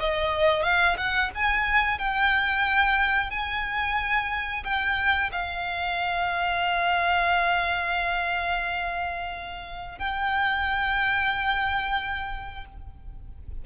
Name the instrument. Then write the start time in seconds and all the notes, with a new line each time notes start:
violin
0.00 D#5
0.63 F5
0.98 F#5
1.35 G#5
1.99 G5
3.31 G#5
4.64 G5
5.32 F5
9.99 G5